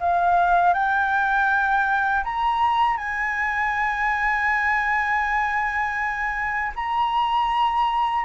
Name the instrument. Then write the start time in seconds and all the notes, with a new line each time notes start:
flute
0.00 F5
0.74 G5
2.24 A#5
2.97 G#5
6.76 A#5